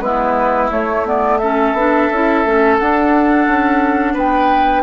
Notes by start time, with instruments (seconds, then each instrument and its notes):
0.00 bassoon G#3, clarinet B3, oboe E4, flute B4
0.70 clarinet A3, bassoon A3, flute C#5
1.05 clarinet B3, flute D5
1.38 clarinet C#4, oboe A4, flute E5
1.73 bassoon B3, clarinet D4
2.11 bassoon C#4, clarinet E4
2.45 bassoon A3, clarinet C#4
2.78 bassoon D4, clarinet D4, flute F#5
3.47 bassoon C#4
4.13 bassoon B3, oboe B4, flute G5